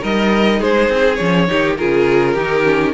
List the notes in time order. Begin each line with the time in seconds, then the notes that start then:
0.00 G3 D#4 A#4 D#5
0.59 G#3 G#4 C5
0.89 C4
1.14 F3 C#4 C#5
1.47 D#3 D#4 G4
1.77 C#3 F4 G#4 A#4
2.33 D#3 D#4 G4
2.63 C#4